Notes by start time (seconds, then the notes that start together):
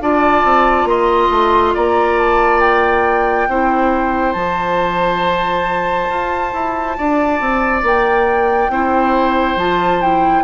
0.00 D4 F4 D5 A5
0.44 C4
0.84 A#3 D#5 C6
1.30 A3
1.74 A#3 D5 A#5
2.19 A5
2.60 G5
3.48 C4 E4 C5
4.33 F3 F4 A5
6.09 F4
6.53 E4
6.97 D4 D5
7.40 C4
7.83 A#3 G5
8.69 C4 E4 C5
9.56 F3 F4 A5
10.01 E4 G5